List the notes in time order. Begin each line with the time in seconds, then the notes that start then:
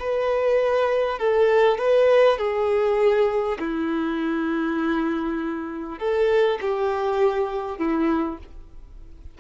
0.00 B4
1.19 A4
1.78 B4
2.39 G#4
3.59 E4
5.99 A4
6.62 G4
7.79 E4